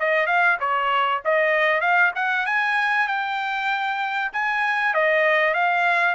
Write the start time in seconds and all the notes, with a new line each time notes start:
0.00 D#5
0.27 F5
0.60 C#5
1.25 D#5
1.81 F5
2.15 F#5
2.46 G#5
3.08 G5
4.33 G#5
4.94 D#5
5.54 F5